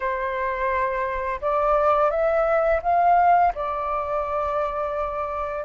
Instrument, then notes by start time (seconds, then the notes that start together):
flute
0.00 C5
1.41 D5
2.10 E5
2.82 F5
3.55 D5